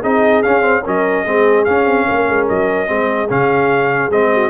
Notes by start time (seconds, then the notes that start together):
0.00 C4 D#4 G#4 D#5
0.42 C#4 F5
0.61 C4
0.83 F#3 C#4 A#4 D#5
1.24 G#3 C4 G#4
1.64 C#4 F5
1.86 C4
2.07 A#3 A#4
2.28 G#3
2.48 F#3 D#5
2.87 G#3 C4 G#4
3.30 C#3 C#4 F5
4.10 G#3 C4 D#5
4.33 F#4